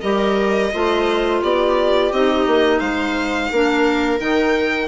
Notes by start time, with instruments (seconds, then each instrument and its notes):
0.00 bassoon G3, clarinet G4, viola A#4, violin D#5
0.73 bassoon A3, clarinet F4, viola C5
1.42 bassoon B3, viola G4, violin D5
2.11 bassoon C4, clarinet D#4, violin D#5
2.46 bassoon A#3
2.79 bassoon G#3, viola C5, violin F5
3.51 bassoon A#3, clarinet D4, viola A#4
4.19 bassoon D#3, clarinet D#4, violin G5